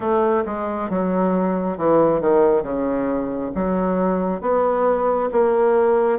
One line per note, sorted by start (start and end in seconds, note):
0.00 0.44 A3
0.45 0.89 G#3
0.89 1.77 F#3
1.77 2.21 E3
2.21 2.62 D#3
2.62 3.51 C#3
3.55 4.41 F#3
4.41 5.29 B3
5.31 6.18 A#3